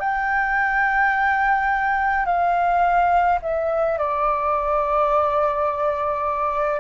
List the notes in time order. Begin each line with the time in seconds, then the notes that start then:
0.00 G5
2.26 F5
3.42 E5
3.98 D5